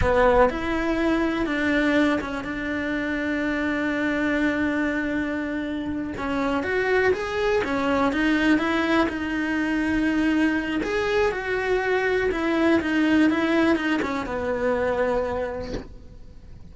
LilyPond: \new Staff \with { instrumentName = "cello" } { \time 4/4 \tempo 4 = 122 b4 e'2 d'4~ | d'8 cis'8 d'2.~ | d'1~ | d'8 cis'4 fis'4 gis'4 cis'8~ |
cis'8 dis'4 e'4 dis'4.~ | dis'2 gis'4 fis'4~ | fis'4 e'4 dis'4 e'4 | dis'8 cis'8 b2. | }